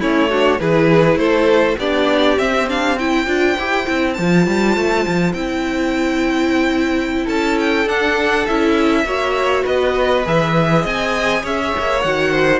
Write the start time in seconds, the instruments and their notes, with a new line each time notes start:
0.00 cello A3, viola C#4, violin E4 C#5
0.30 viola D4, violin F#4
0.59 cello E3, viola E4, violin G#4 B4
1.16 cello A3, violin A4 C5
1.78 cello B3, viola D4, violin G4 D5
2.38 viola C4, cello C4, violin E5
2.69 viola D4, violin F5
2.97 viola E4, violin C5 G5
3.26 cello D4, viola F4
3.58 cello E4, viola G4
3.86 cello C4, viola E4
4.14 cello F3, viola F4, violin A5
4.47 cello G3
4.76 cello A3
5.07 cello F3
5.33 cello C4, viola E4, violin G5
7.25 cello C#4, violin A4 A5
7.60 violin G5
7.85 cello D4, viola D4, violin F#5
8.46 cello C#4, viola E4, violin E5
9.04 cello A#3, viola F#4, violin C#5
9.64 cello B3, violin B4 D#5
10.25 cello E3, viola G#4, violin E5
10.82 cello C4, violin D#5 G#5
11.43 cello C#4, violin C#5 E5
11.78 cello A#3
12.02 cello D#3, viola F#4, violin F#5
12.32 violin C5